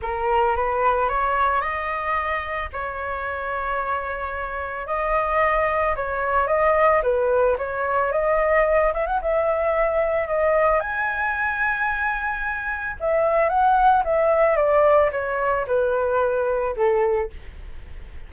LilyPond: \new Staff \with { instrumentName = "flute" } { \time 4/4 \tempo 4 = 111 ais'4 b'4 cis''4 dis''4~ | dis''4 cis''2.~ | cis''4 dis''2 cis''4 | dis''4 b'4 cis''4 dis''4~ |
dis''8 e''16 fis''16 e''2 dis''4 | gis''1 | e''4 fis''4 e''4 d''4 | cis''4 b'2 a'4 | }